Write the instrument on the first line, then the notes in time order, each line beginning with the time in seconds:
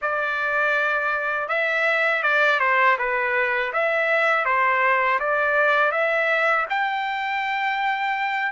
trumpet
0.01 D5
1.48 E5
2.22 D5
2.59 C5
2.98 B4
3.72 E5
4.45 C5
5.19 D5
5.91 E5
6.69 G5